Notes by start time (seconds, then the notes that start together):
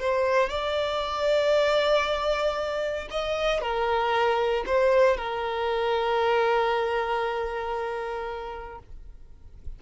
0.00 C5
0.50 D5
3.11 D#5
3.61 A#4
4.66 C5
5.17 A#4